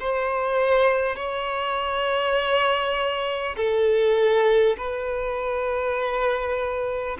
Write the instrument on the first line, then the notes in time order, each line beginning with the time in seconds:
violin
0.00 C5
1.16 C#5
3.57 A4
4.78 B4